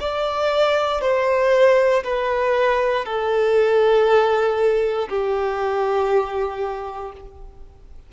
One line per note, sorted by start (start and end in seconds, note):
0.00 1.01 D5
1.01 2.03 C5
2.03 3.05 B4
3.05 5.08 A4
5.09 7.12 G4